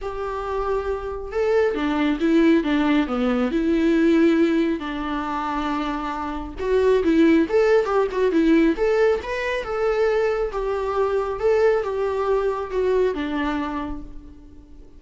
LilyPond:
\new Staff \with { instrumentName = "viola" } { \time 4/4 \tempo 4 = 137 g'2. a'4 | d'4 e'4 d'4 b4 | e'2. d'4~ | d'2. fis'4 |
e'4 a'4 g'8 fis'8 e'4 | a'4 b'4 a'2 | g'2 a'4 g'4~ | g'4 fis'4 d'2 | }